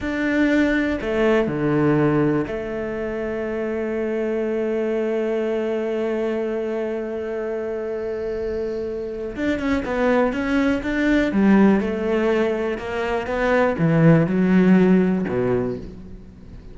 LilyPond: \new Staff \with { instrumentName = "cello" } { \time 4/4 \tempo 4 = 122 d'2 a4 d4~ | d4 a2.~ | a1~ | a1~ |
a2. d'8 cis'8 | b4 cis'4 d'4 g4 | a2 ais4 b4 | e4 fis2 b,4 | }